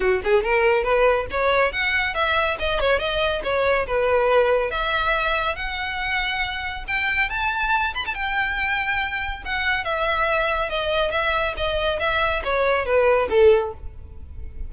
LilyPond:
\new Staff \with { instrumentName = "violin" } { \time 4/4 \tempo 4 = 140 fis'8 gis'8 ais'4 b'4 cis''4 | fis''4 e''4 dis''8 cis''8 dis''4 | cis''4 b'2 e''4~ | e''4 fis''2. |
g''4 a''4. b''16 a''16 g''4~ | g''2 fis''4 e''4~ | e''4 dis''4 e''4 dis''4 | e''4 cis''4 b'4 a'4 | }